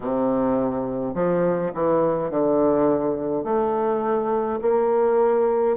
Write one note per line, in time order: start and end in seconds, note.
0.00 1.14 C3
1.14 1.72 F3
1.74 2.30 E3
2.30 3.44 D3
3.44 4.59 A3
4.61 5.76 A#3